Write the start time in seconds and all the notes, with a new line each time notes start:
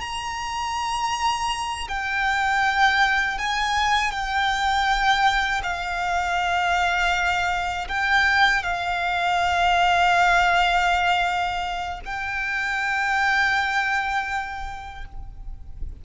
0.00 A#5
1.88 G5
3.38 G#5
4.11 G5
5.63 F5
7.88 G5
8.63 F5
12.05 G5